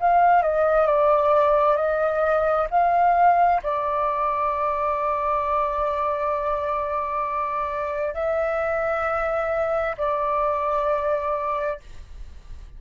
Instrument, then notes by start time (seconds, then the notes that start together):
flute
0.00 F5
0.42 D#5
0.86 D5
1.76 D#5
2.70 F5
3.63 D5
8.14 E5
9.98 D5